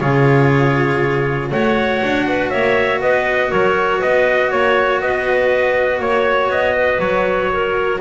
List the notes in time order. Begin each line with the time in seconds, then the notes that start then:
0.00 C#3 F4 G#4 C#5
1.51 A3 F#4 C#5 F#5
2.03 D4
2.28 B4
2.50 A#3 C#5 E5
3.02 B3 B4 D#5
3.49 F#3 A#4 C#5
3.99 B3 B4 D#5
4.51 A#3 C#5
5.01 B3 B4 D#5
5.99 A#3 C#5
6.49 B3 D#5
6.76 B4
6.99 F#3 C#5
7.53 A#4